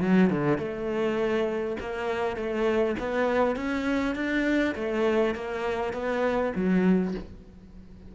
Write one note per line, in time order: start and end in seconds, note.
0.00 0.30 F#3
0.30 0.58 D3
0.58 1.76 A3
1.80 2.36 A#3
2.36 2.95 A3
2.99 3.56 B3
3.56 4.15 C#4
4.15 4.74 D4
4.75 5.34 A3
5.35 5.93 A#3
5.93 6.52 B3
6.55 7.14 F#3